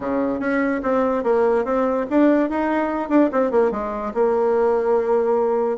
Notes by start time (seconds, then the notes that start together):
0.00 C#3
0.39 C#4
0.82 C4
1.23 A#3
1.64 C4
2.10 D4
2.49 D#4
3.09 D4
3.31 C4
3.51 A#3
3.71 G#3
4.13 A#3